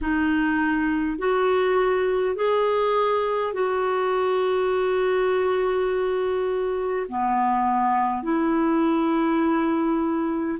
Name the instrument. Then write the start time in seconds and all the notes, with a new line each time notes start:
clarinet
0.01 D#4
1.18 F#4
2.35 G#4
3.53 F#4
7.09 B3
8.22 E4